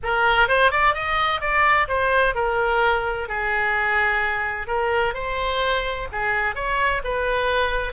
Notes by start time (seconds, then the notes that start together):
0.03 A#4
0.48 C5
0.71 D5
0.94 D#5
1.40 D5
1.87 C5
2.34 A#4
3.28 G#4
4.67 A#4
5.14 C5
6.12 G#4
6.55 C#5
7.04 B4